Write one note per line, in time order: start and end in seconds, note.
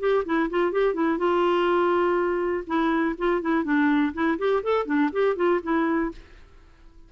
0.00 0.24 G4
0.25 0.50 E4
0.50 0.72 F4
0.72 0.94 G4
0.94 1.18 E4
1.18 2.65 F4
2.67 3.16 E4
3.18 3.42 F4
3.42 3.65 E4
3.65 4.13 D4
4.14 4.38 E4
4.39 4.63 G4
4.63 4.86 A4
4.86 5.10 D4
5.13 5.37 G4
5.37 5.61 F4
5.63 6.12 E4